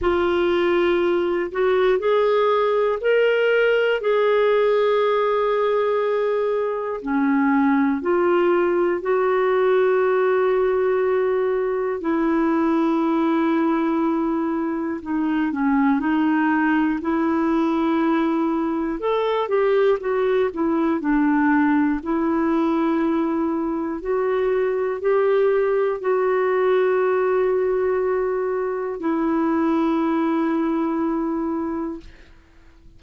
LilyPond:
\new Staff \with { instrumentName = "clarinet" } { \time 4/4 \tempo 4 = 60 f'4. fis'8 gis'4 ais'4 | gis'2. cis'4 | f'4 fis'2. | e'2. dis'8 cis'8 |
dis'4 e'2 a'8 g'8 | fis'8 e'8 d'4 e'2 | fis'4 g'4 fis'2~ | fis'4 e'2. | }